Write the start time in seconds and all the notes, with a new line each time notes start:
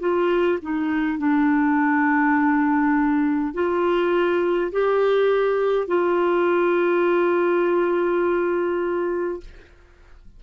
0.00 F4
0.62 D#4
1.19 D4
3.54 F4
4.72 G4
5.87 F4